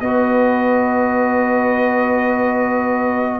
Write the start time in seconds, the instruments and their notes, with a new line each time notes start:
0.00 tuba B3, trombone F#4, horn B4, trumpet D#5